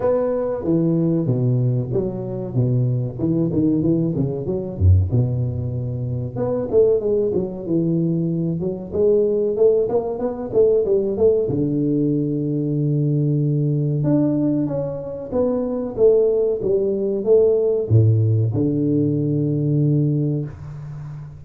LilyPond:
\new Staff \with { instrumentName = "tuba" } { \time 4/4 \tempo 4 = 94 b4 e4 b,4 fis4 | b,4 e8 dis8 e8 cis8 fis8 fis,8 | b,2 b8 a8 gis8 fis8 | e4. fis8 gis4 a8 ais8 |
b8 a8 g8 a8 d2~ | d2 d'4 cis'4 | b4 a4 g4 a4 | a,4 d2. | }